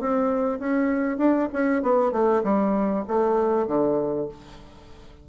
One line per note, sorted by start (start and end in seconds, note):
0.00 0.59 C4
0.59 1.18 C#4
1.18 1.49 D4
1.53 1.83 C#4
1.83 2.12 B3
2.12 2.43 A3
2.44 3.05 G3
3.08 3.67 A3
3.67 4.29 D3